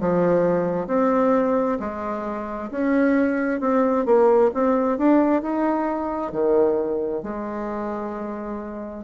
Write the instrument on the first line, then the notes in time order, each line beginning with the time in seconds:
bassoon
0.00 F3
0.87 C4
1.79 G#3
2.70 C#4
3.60 C4
4.05 A#3
4.54 C4
4.98 D4
5.42 D#4
6.31 D#3
7.22 G#3